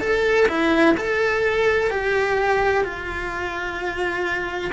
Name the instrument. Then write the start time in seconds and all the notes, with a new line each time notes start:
cello
0.00 A4
0.48 E4
0.97 A4
1.90 G4
2.84 F4